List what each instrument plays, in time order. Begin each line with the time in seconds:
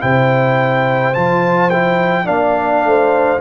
0.00 tuba C3, trombone E4, horn C5, trumpet G5
1.14 tuba F3, trombone F4, trumpet A5
1.70 trombone E4, trumpet G5
2.25 tuba A#3, trombone D4, horn D5, trumpet F5
2.84 tuba A3, horn C5